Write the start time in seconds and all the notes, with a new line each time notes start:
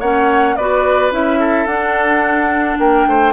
0.00 A#3 C#4 C#5 F#5
0.56 B3 F#4 B4 D5
1.11 C#4 E4 E5
1.39 A4
1.66 D4 F#5
2.79 A#3 A#4 G5
3.06 A3 C5